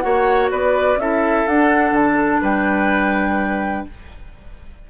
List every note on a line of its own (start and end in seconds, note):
0.00 0.51 A#3
0.00 0.98 F#4
0.00 0.51 C#5
0.00 0.48 F#5
0.51 0.96 B3
0.51 0.99 B4
0.51 1.00 D5
0.96 1.44 C#4
0.96 1.47 E4
0.96 2.42 A4
0.96 1.47 E5
1.47 1.91 D4
1.47 3.90 D4
1.47 1.95 F#5
1.91 2.39 D3
1.91 2.43 A5
2.42 3.86 G3
2.42 3.86 B4
2.42 3.88 G5